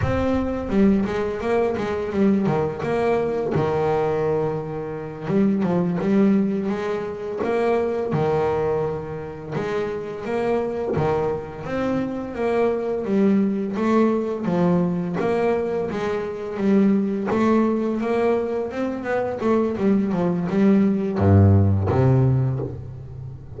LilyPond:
\new Staff \with { instrumentName = "double bass" } { \time 4/4 \tempo 4 = 85 c'4 g8 gis8 ais8 gis8 g8 dis8 | ais4 dis2~ dis8 g8 | f8 g4 gis4 ais4 dis8~ | dis4. gis4 ais4 dis8~ |
dis8 c'4 ais4 g4 a8~ | a8 f4 ais4 gis4 g8~ | g8 a4 ais4 c'8 b8 a8 | g8 f8 g4 g,4 c4 | }